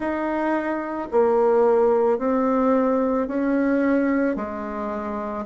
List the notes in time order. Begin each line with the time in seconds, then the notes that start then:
0.00 D#4
1.11 A#3
2.18 C4
3.27 C#4
4.36 G#3